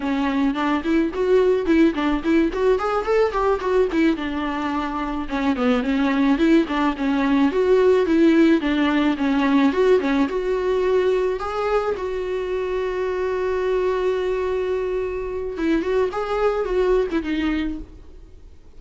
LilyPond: \new Staff \with { instrumentName = "viola" } { \time 4/4 \tempo 4 = 108 cis'4 d'8 e'8 fis'4 e'8 d'8 | e'8 fis'8 gis'8 a'8 g'8 fis'8 e'8 d'8~ | d'4. cis'8 b8 cis'4 e'8 | d'8 cis'4 fis'4 e'4 d'8~ |
d'8 cis'4 fis'8 cis'8 fis'4.~ | fis'8 gis'4 fis'2~ fis'8~ | fis'1 | e'8 fis'8 gis'4 fis'8. e'16 dis'4 | }